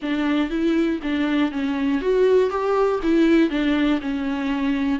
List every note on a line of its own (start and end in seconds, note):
0.02 0.50 D4
0.50 1.00 E4
1.02 1.51 D4
1.51 2.01 C#4
2.01 2.50 F#4
2.50 3.00 G4
3.02 3.50 E4
3.50 4.00 D4
4.01 4.99 C#4